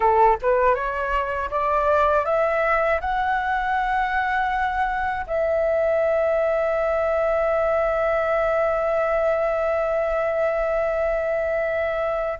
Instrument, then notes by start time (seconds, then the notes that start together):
flute
0.00 A4
0.41 B4
0.74 C#5
1.50 D5
2.25 E5
3.00 F#5
5.26 E5